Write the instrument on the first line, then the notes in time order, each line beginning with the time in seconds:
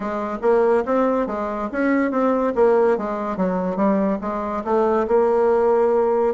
bassoon
0.00 G#3
0.41 A#3
0.85 C4
1.27 G#3
1.71 C#4
2.11 C4
2.55 A#3
2.97 G#3
3.36 F#3
3.76 G3
4.21 G#3
4.64 A3
5.07 A#3